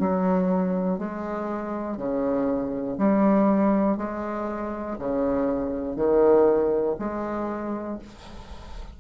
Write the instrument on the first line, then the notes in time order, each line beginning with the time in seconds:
bassoon
0.00 F#3
0.99 G#3
1.98 C#3
2.99 G3
3.98 G#3
4.99 C#3
5.96 D#3
6.99 G#3